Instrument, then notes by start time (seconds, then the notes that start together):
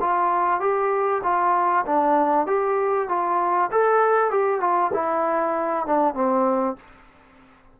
trombone
0.00 F4
0.60 G4
1.23 F4
1.86 D4
2.47 G4
3.08 F4
3.71 A4
4.30 G4
4.60 F4
4.93 E4
5.86 D4
6.14 C4